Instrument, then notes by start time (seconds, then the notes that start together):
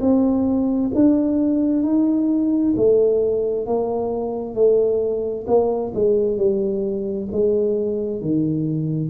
tuba
0.00 C4
0.95 D4
1.83 D#4
2.76 A3
3.67 A#3
4.55 A3
5.47 A#3
5.94 G#3
6.37 G3
7.32 G#3
8.21 D#3